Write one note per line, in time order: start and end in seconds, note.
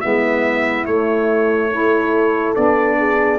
0.00 0.86 G#3
0.00 0.86 B3
0.00 1.70 E4
0.00 0.85 E5
0.85 2.55 A3
0.85 1.71 A3
0.85 2.54 C#5
1.71 2.54 E4
1.71 2.98 A4
2.54 3.38 B3
2.54 3.38 D4
2.54 3.38 D5
2.98 3.38 G#4